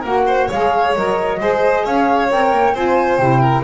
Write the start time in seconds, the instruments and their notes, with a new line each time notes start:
0.00 double bass A#3, saxophone F#4, violin A#4, flute F#5
0.26 violin C5
0.48 double bass G#3, saxophone G#4, violin C#5, flute F5
0.95 double bass F#3, saxophone A#4, flute D#5
1.38 double bass G#3, saxophone G#4, violin C5
1.84 double bass C#4, violin C#5, flute F5
2.30 double bass C4, saxophone A#4, flute G5
2.51 double bass A#3
2.74 double bass C4, saxophone F4, violin C5, flute G#5
3.17 double bass C3, saxophone E4, flute G5
3.40 violin A#4